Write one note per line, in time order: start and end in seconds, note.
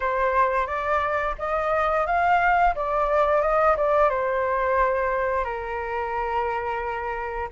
0.00 0.67 C5
0.67 1.35 D5
1.38 2.06 D#5
2.06 2.74 F5
2.75 3.41 D5
3.41 3.75 D#5
3.77 4.09 D5
4.09 5.44 C5
5.44 7.48 A#4